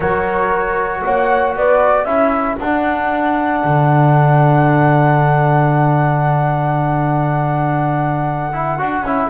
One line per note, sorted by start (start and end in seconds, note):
0.00 1.02 F#3
0.00 2.06 F#4
0.00 1.01 A#4
0.00 1.03 C#5
1.04 1.56 A#3
1.04 1.55 C#5
1.04 1.55 F#5
1.56 2.04 B3
1.56 2.07 B4
1.56 2.04 D5
2.04 2.56 C#4
2.04 2.58 E4
2.04 9.29 A4
2.04 2.56 E5
2.59 3.63 D4
2.59 8.52 D4
2.59 9.29 F#5
3.64 8.80 D3
8.52 8.78 E4
8.78 9.02 D4
8.78 9.04 F#4
9.02 9.27 C#4
9.02 9.29 E4